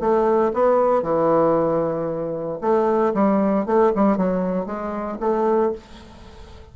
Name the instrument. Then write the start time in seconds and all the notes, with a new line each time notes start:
bassoon
0.00 A3
0.54 B3
1.02 E3
2.61 A3
3.14 G3
3.66 A3
3.96 G3
4.17 F#3
4.66 G#3
5.20 A3